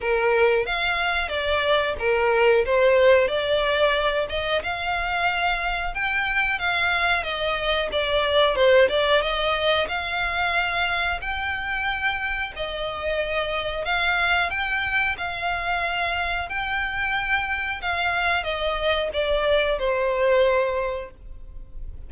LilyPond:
\new Staff \with { instrumentName = "violin" } { \time 4/4 \tempo 4 = 91 ais'4 f''4 d''4 ais'4 | c''4 d''4. dis''8 f''4~ | f''4 g''4 f''4 dis''4 | d''4 c''8 d''8 dis''4 f''4~ |
f''4 g''2 dis''4~ | dis''4 f''4 g''4 f''4~ | f''4 g''2 f''4 | dis''4 d''4 c''2 | }